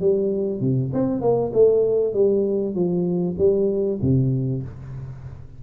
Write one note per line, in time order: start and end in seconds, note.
0.00 0.60 G3
0.60 0.90 C3
0.93 1.21 C4
1.21 1.51 A#3
1.53 2.13 A3
2.13 2.74 G3
2.74 3.36 F3
3.38 3.99 G3
4.01 4.63 C3